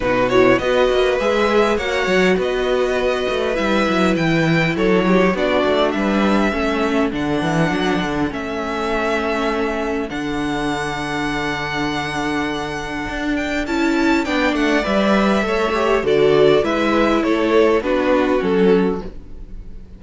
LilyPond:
<<
  \new Staff \with { instrumentName = "violin" } { \time 4/4 \tempo 4 = 101 b'8 cis''8 dis''4 e''4 fis''4 | dis''2 e''4 g''4 | cis''4 d''4 e''2 | fis''2 e''2~ |
e''4 fis''2.~ | fis''2~ fis''8 g''8 a''4 | g''8 fis''8 e''2 d''4 | e''4 cis''4 b'4 a'4 | }
  \new Staff \with { instrumentName = "violin" } { \time 4/4 fis'4 b'2 cis''4 | b'1 | a'8 g'8 fis'4 b'4 a'4~ | a'1~ |
a'1~ | a'1 | d''2 cis''4 a'4 | b'4 a'4 fis'2 | }
  \new Staff \with { instrumentName = "viola" } { \time 4/4 dis'8 e'8 fis'4 gis'4 fis'4~ | fis'2 e'2~ | e'4 d'2 cis'4 | d'2 cis'2~ |
cis'4 d'2.~ | d'2. e'4 | d'4 b'4 a'8 g'8 fis'4 | e'2 d'4 cis'4 | }
  \new Staff \with { instrumentName = "cello" } { \time 4/4 b,4 b8 ais8 gis4 ais8 fis8 | b4. a8 g8 fis8 e4 | fis4 b8 a8 g4 a4 | d8 e8 fis8 d8 a2~ |
a4 d2.~ | d2 d'4 cis'4 | b8 a8 g4 a4 d4 | gis4 a4 b4 fis4 | }
>>